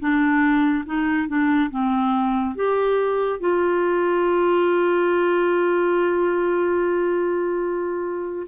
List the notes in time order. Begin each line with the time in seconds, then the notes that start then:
0.00 D4
0.86 D#4
1.28 D4
1.71 C4
2.55 G4
3.40 F4